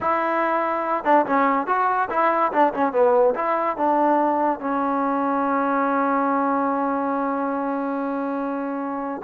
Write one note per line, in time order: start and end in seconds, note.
0.00 1.04 E4
1.04 1.25 D4
1.26 1.66 C#4
1.66 2.08 F#4
2.10 2.52 E4
2.52 2.73 D4
2.73 2.92 C#4
2.92 3.34 B3
3.35 3.76 E4
3.76 4.60 D4
4.60 9.21 C#4